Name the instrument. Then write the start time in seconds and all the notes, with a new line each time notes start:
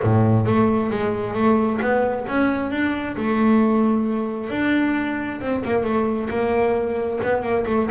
double bass
0.02 A2
0.45 A3
0.90 G#3
1.33 A3
1.81 B3
2.27 C#4
2.70 D4
3.16 A3
4.49 D4
5.40 C4
5.65 A#3
5.83 A3
6.29 A#3
7.23 B3
7.42 A#3
7.66 A3